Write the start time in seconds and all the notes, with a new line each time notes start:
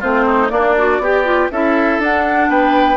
0.00 A3 C4 F4 C5
0.26 D#4
0.49 A#3 D4 D5
0.77 F#4
0.99 B3 G4
1.25 F4
1.51 C#4 E4 A4 E5
1.99 D4 F#5
2.49 B3 B4 G5